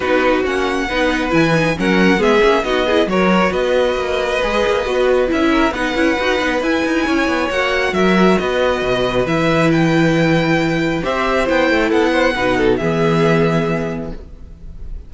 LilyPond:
<<
  \new Staff \with { instrumentName = "violin" } { \time 4/4 \tempo 4 = 136 b'4 fis''2 gis''4 | fis''4 e''4 dis''4 cis''4 | dis''1 | e''4 fis''2 gis''4~ |
gis''4 fis''4 e''4 dis''4~ | dis''4 e''4 g''2~ | g''4 e''4 g''4 fis''4~ | fis''4 e''2. | }
  \new Staff \with { instrumentName = "violin" } { \time 4/4 fis'2 b'2 | ais'4 gis'4 fis'8 gis'8 ais'4 | b'1~ | b'8 ais'8 b'2. |
cis''2 ais'4 b'4~ | b'1~ | b'4 c''2 a'8 c''8 | b'8 a'8 gis'2. | }
  \new Staff \with { instrumentName = "viola" } { \time 4/4 dis'4 cis'4 dis'4 e'8 dis'8 | cis'4 b8 cis'8 dis'8 e'8 fis'4~ | fis'2 gis'4 fis'4 | e'4 dis'8 e'8 fis'8 dis'8 e'4~ |
e'4 fis'2.~ | fis'4 e'2.~ | e'4 g'4 e'2 | dis'4 b2. | }
  \new Staff \with { instrumentName = "cello" } { \time 4/4 b4 ais4 b4 e4 | fis4 gis8 ais8 b4 fis4 | b4 ais4 gis8 ais8 b4 | cis'4 b8 cis'8 dis'8 b8 e'8 dis'8 |
cis'8 b8 ais4 fis4 b4 | b,4 e2.~ | e4 c'4 b8 a8 b4 | b,4 e2. | }
>>